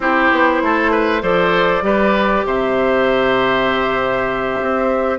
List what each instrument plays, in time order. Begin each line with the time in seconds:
0.00 bassoon C4, clarinet E4, oboe G4, flute C5
0.31 bassoon B3
0.62 bassoon A3, oboe A4
0.91 oboe B4
1.21 bassoon F3, clarinet A4, oboe C5, flute D5
1.81 bassoon G3, clarinet G4, oboe B4
2.46 bassoon C3, oboe C5, flute E5
4.60 bassoon C4